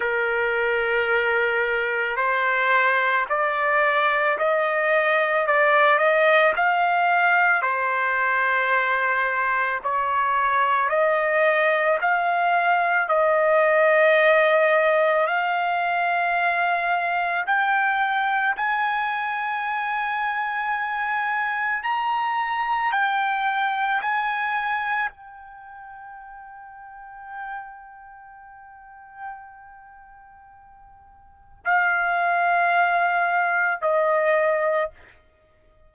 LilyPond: \new Staff \with { instrumentName = "trumpet" } { \time 4/4 \tempo 4 = 55 ais'2 c''4 d''4 | dis''4 d''8 dis''8 f''4 c''4~ | c''4 cis''4 dis''4 f''4 | dis''2 f''2 |
g''4 gis''2. | ais''4 g''4 gis''4 g''4~ | g''1~ | g''4 f''2 dis''4 | }